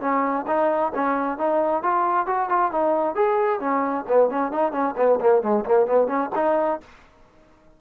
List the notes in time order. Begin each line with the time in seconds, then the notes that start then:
0.00 C#4
0.47 D#4
0.94 C#4
1.38 D#4
1.83 F4
2.26 F#4
2.49 F4
2.71 D#4
3.15 G#4
3.60 C#4
4.08 B3
4.30 C#4
4.51 D#4
4.72 C#4
4.97 B3
5.20 A#3
5.42 G#3
5.65 A#3
5.86 B3
6.07 C#4
6.35 D#4